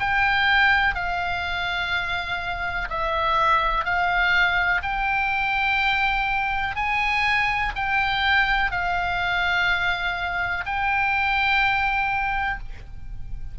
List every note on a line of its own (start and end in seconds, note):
0.00 0.95 G5
0.95 2.89 F5
2.90 3.85 E5
3.85 4.82 F5
4.83 6.76 G5
6.76 7.73 G#5
7.76 8.72 G5
8.72 10.65 F5
10.66 12.59 G5